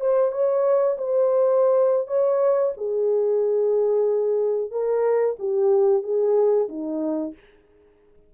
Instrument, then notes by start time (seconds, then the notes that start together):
horn
0.00 C5
0.31 C#5
0.98 C5
2.07 C#5
2.77 G#4
4.71 A#4
5.39 G4
6.02 G#4
6.68 D#4